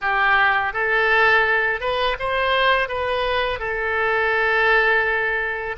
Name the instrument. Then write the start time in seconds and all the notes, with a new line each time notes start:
oboe
0.01 G4
0.73 A4
1.80 B4
2.19 C5
2.88 B4
3.59 A4